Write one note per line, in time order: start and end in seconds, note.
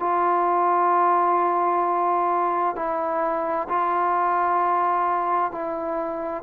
0.00 2.76 F4
2.76 3.68 E4
3.69 5.52 F4
5.52 6.43 E4